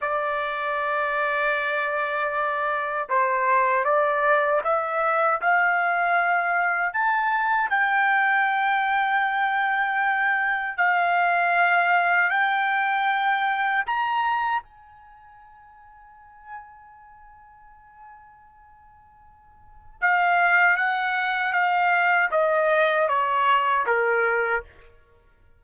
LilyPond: \new Staff \with { instrumentName = "trumpet" } { \time 4/4 \tempo 4 = 78 d''1 | c''4 d''4 e''4 f''4~ | f''4 a''4 g''2~ | g''2 f''2 |
g''2 ais''4 gis''4~ | gis''1~ | gis''2 f''4 fis''4 | f''4 dis''4 cis''4 ais'4 | }